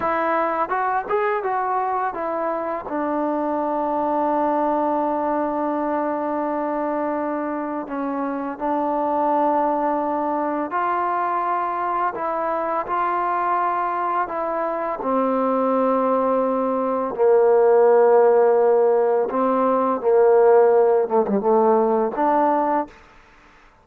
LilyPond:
\new Staff \with { instrumentName = "trombone" } { \time 4/4 \tempo 4 = 84 e'4 fis'8 gis'8 fis'4 e'4 | d'1~ | d'2. cis'4 | d'2. f'4~ |
f'4 e'4 f'2 | e'4 c'2. | ais2. c'4 | ais4. a16 g16 a4 d'4 | }